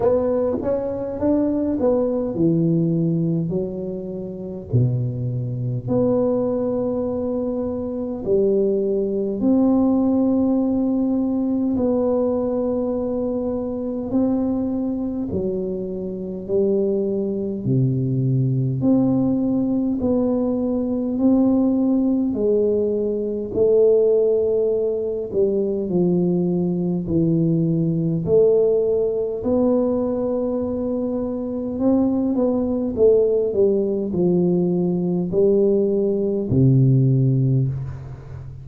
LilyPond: \new Staff \with { instrumentName = "tuba" } { \time 4/4 \tempo 4 = 51 b8 cis'8 d'8 b8 e4 fis4 | b,4 b2 g4 | c'2 b2 | c'4 fis4 g4 c4 |
c'4 b4 c'4 gis4 | a4. g8 f4 e4 | a4 b2 c'8 b8 | a8 g8 f4 g4 c4 | }